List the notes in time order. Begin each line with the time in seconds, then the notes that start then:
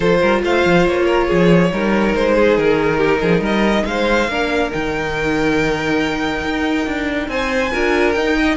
0.00 F3 F4 A4 C5
0.20 G3 A#4
0.43 A3 C5 F5
0.65 F3
0.87 A#3 C#5
1.05 A#4
1.27 F3 G#4
1.71 G3 D#4 A#4
2.14 G#3 C5
2.34 G#4
2.57 D#3 A#4
2.97 G4
3.21 F3 G#4
3.40 G3 A#4 D#5
3.85 G#3 C5 F5
4.28 A#3 D4 A#4
4.70 D#3 D#4 G5
6.43 D#4
6.86 D4
7.28 C4 C5 G#5
7.71 D4 F4 A#4
8.12 D#4 G5
8.37 D#5